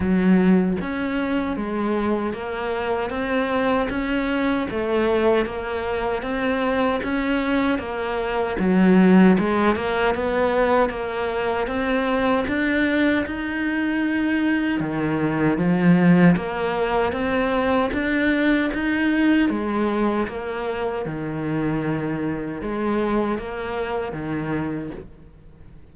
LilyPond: \new Staff \with { instrumentName = "cello" } { \time 4/4 \tempo 4 = 77 fis4 cis'4 gis4 ais4 | c'4 cis'4 a4 ais4 | c'4 cis'4 ais4 fis4 | gis8 ais8 b4 ais4 c'4 |
d'4 dis'2 dis4 | f4 ais4 c'4 d'4 | dis'4 gis4 ais4 dis4~ | dis4 gis4 ais4 dis4 | }